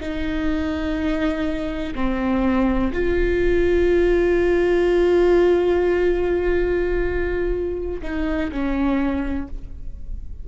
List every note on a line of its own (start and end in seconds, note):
0.00 1.94 D#4
1.95 2.92 C4
2.93 8.01 F4
8.02 8.51 D#4
8.51 9.48 C#4